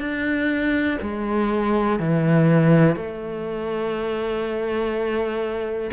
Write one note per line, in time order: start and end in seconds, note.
0.00 0.98 D4
1.02 2.00 G#3
2.00 2.96 E3
2.96 5.91 A3